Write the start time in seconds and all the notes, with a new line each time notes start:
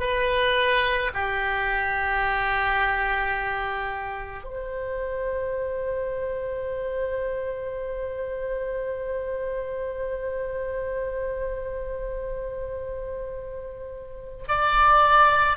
0.00 B4
1.14 G4
4.44 C5
14.48 D5